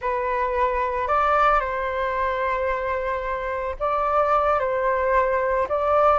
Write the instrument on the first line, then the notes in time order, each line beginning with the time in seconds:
flute
0.01 B4
1.07 D5
1.59 C5
3.79 D5
4.59 C5
5.68 D5